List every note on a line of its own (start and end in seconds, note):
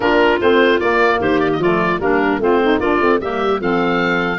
0.00 0.39 A#3
0.00 0.38 D4
0.00 1.20 F4
0.00 0.39 A#4
0.40 0.80 A3
0.40 0.81 C4
0.40 0.80 C5
0.80 1.20 A#3
0.80 1.61 A#3
0.80 1.20 D5
1.20 1.58 D#3
1.20 1.60 G4
1.20 1.40 C5
1.40 1.50 D5
1.53 1.98 F3
1.53 1.62 D#5
1.60 2.00 A3
1.60 2.00 F4
1.60 2.00 D5
1.99 2.38 G3
1.99 2.40 A#3
1.99 2.40 D4
1.99 2.40 A#4
2.38 2.78 A3
2.38 2.79 C4
2.38 2.61 F4
2.38 2.80 C5
2.62 2.82 D#4
2.79 2.99 A#3
2.79 3.01 D4
2.79 3.19 F4
2.79 3.20 D5
3.00 3.20 A3
3.00 3.21 C4
3.20 3.60 G3
3.20 3.61 A#3
3.20 3.60 G4
3.20 3.60 E5
3.60 4.38 F3
3.60 4.38 C4
3.60 4.38 A4
3.60 4.38 F5